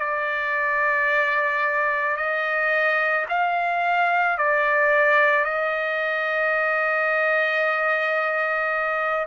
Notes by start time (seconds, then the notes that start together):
0.00 D5
2.17 D#5
3.29 F5
4.38 D5
5.44 D#5